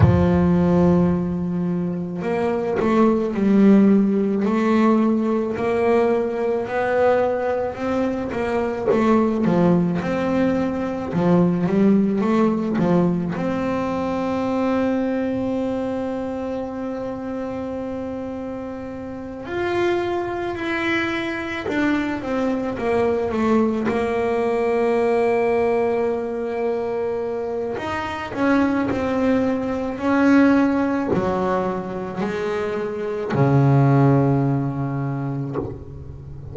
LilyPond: \new Staff \with { instrumentName = "double bass" } { \time 4/4 \tempo 4 = 54 f2 ais8 a8 g4 | a4 ais4 b4 c'8 ais8 | a8 f8 c'4 f8 g8 a8 f8 | c'1~ |
c'4. f'4 e'4 d'8 | c'8 ais8 a8 ais2~ ais8~ | ais4 dis'8 cis'8 c'4 cis'4 | fis4 gis4 cis2 | }